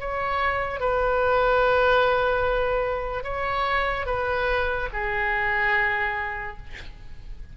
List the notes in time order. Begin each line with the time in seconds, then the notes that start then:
0.00 C#5
0.80 B4
3.24 C#5
4.06 B4
4.93 G#4